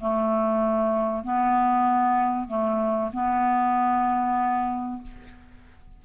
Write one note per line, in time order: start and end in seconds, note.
0.00 1.23 A3
1.23 2.47 B3
2.47 3.11 A3
3.13 5.02 B3